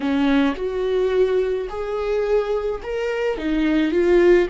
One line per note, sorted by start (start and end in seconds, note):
0.00 0.54 C#4
0.55 1.67 F#4
1.69 2.81 G#4
2.82 3.37 A#4
3.37 3.91 D#4
3.91 4.47 F4